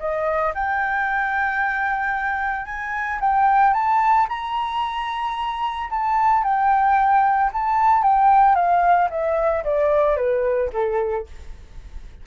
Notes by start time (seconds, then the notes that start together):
0.00 D#5
0.55 G5
2.66 G#5
3.21 G5
3.74 A5
4.29 A#5
5.91 A5
6.44 G5
7.53 A5
8.03 G5
8.55 F5
9.10 E5
9.64 D5
10.17 B4
10.73 A4